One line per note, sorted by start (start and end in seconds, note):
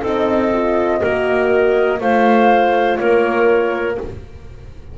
0.00 1.00 C4
0.00 0.50 D#4
0.00 0.98 A4
0.00 1.99 D#5
0.52 1.01 F4
1.00 2.00 A#3
1.00 1.99 F#4
1.00 1.98 A#4
1.99 2.99 A3
1.99 3.96 F4
1.99 2.98 C5
1.99 2.97 F5
2.97 3.97 A#3
2.97 3.98 A#4
2.97 3.95 C#5